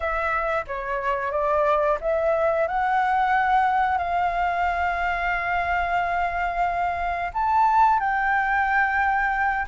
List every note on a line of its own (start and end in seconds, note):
0.00 0.65 E5
0.67 1.31 C#5
1.31 1.98 D5
2.01 2.67 E5
2.67 3.98 F#5
3.98 7.31 F5
7.33 7.99 A5
7.99 9.66 G5